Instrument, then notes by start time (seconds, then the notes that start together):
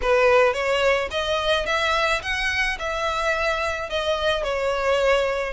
violin
0.01 B4
0.53 C#5
1.10 D#5
1.65 E5
2.22 F#5
2.79 E5
3.89 D#5
4.43 C#5